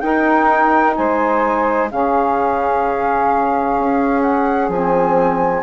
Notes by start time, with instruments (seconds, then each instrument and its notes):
0.00 saxophone D#4 A#4, bassoon D#4, flute G5
0.96 bassoon G#3, saxophone C5, flute G#5
1.89 bassoon C#3, saxophone C#4 G#4, flute F5
3.78 bassoon C#4
4.22 flute F#5
4.69 bassoon F3, saxophone C4, flute G#5